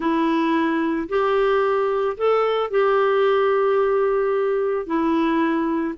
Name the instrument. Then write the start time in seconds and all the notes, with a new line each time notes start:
clarinet
0.00 E4
1.08 G4
2.17 A4
2.70 G4
4.86 E4